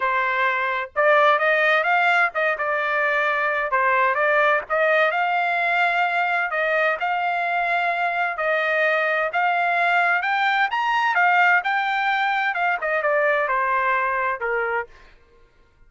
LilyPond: \new Staff \with { instrumentName = "trumpet" } { \time 4/4 \tempo 4 = 129 c''2 d''4 dis''4 | f''4 dis''8 d''2~ d''8 | c''4 d''4 dis''4 f''4~ | f''2 dis''4 f''4~ |
f''2 dis''2 | f''2 g''4 ais''4 | f''4 g''2 f''8 dis''8 | d''4 c''2 ais'4 | }